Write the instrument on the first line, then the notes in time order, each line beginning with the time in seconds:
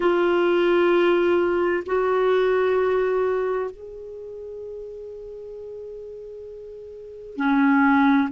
clarinet
0.00 F4
1.86 F#4
3.70 G#4
7.36 C#4